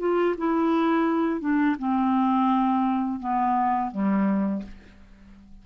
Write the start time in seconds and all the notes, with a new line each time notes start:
0.00 F4
0.38 E4
1.41 D4
1.79 C4
3.20 B3
3.92 G3